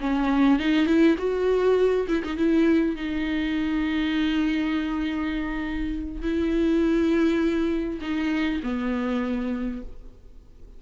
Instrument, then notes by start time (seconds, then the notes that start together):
viola
0.00 C#4
0.59 D#4
0.86 E4
1.18 F#4
2.08 E4
2.24 D#4
2.37 E4
2.96 D#4
6.22 E4
8.01 D#4
8.63 B3